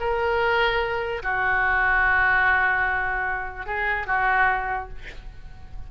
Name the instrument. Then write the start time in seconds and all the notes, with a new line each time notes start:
oboe
0.00 A#4
1.23 F#4
3.66 G#4
4.07 F#4